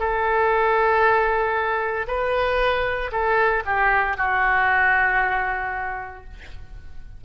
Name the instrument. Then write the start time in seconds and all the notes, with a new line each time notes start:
oboe
0.00 A4
2.08 B4
3.12 A4
3.66 G4
4.18 F#4